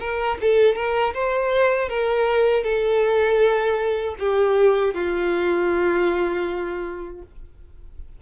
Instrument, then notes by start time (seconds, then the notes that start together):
violin
0.00 A#4
0.41 A4
0.76 A#4
1.14 C5
1.89 A#4
2.64 A4
4.19 G4
4.94 F4